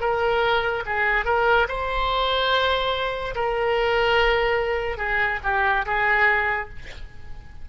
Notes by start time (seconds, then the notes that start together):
0.00 A#4
0.86 G#4
1.25 A#4
1.68 C5
3.34 A#4
4.97 G#4
5.43 G4
5.85 G#4